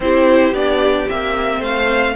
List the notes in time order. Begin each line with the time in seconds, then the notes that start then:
0.00 C4 E4 G4 C5
0.51 B3 D4 D5
1.07 A#3 C4 E5
1.59 A3 C5 F5